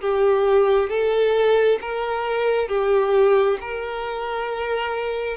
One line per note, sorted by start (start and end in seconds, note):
0.00 0.89 G4
0.89 1.79 A4
1.81 2.68 A#4
2.68 3.58 G4
3.61 5.37 A#4